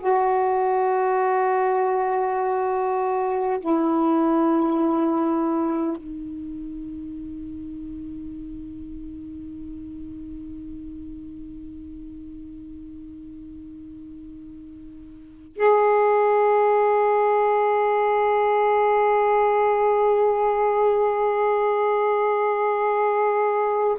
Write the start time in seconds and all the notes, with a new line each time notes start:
0.00 F#4
3.61 E4
5.97 D#4
15.57 G#4